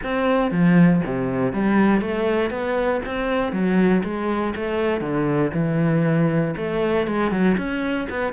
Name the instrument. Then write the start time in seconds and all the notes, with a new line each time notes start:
cello
0.03 C4
0.51 F3
1.05 C3
1.52 G3
2.01 A3
2.50 B3
3.05 C4
3.52 F#3
4.03 G#3
4.55 A3
5.01 D3
5.53 E3
6.56 A3
7.07 G#3
7.31 F#3
7.57 C#4
8.09 B3